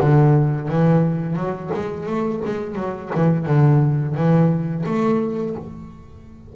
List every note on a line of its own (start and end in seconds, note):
0.00 0.68 D3
0.68 1.35 E3
1.35 1.70 F#3
1.73 2.06 G#3
2.06 2.41 A3
2.45 2.75 G#3
2.75 3.10 F#3
3.15 3.46 E3
3.46 4.14 D3
4.14 4.84 E3
4.85 5.55 A3